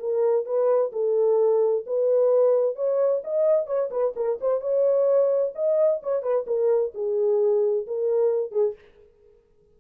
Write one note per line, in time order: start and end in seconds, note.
0.00 0.46 A#4
0.46 0.92 B4
0.93 1.85 A4
1.87 2.76 B4
2.76 3.22 C#5
3.24 3.67 D#5
3.67 3.90 C#5
3.91 4.15 B4
4.17 4.40 A#4
4.41 4.61 C5
4.61 5.53 C#5
5.56 6.02 D#5
6.03 6.23 C#5
6.23 6.46 B4
6.47 6.93 A#4
6.95 7.87 G#4
7.87 8.52 A#4
8.52 8.75 G#4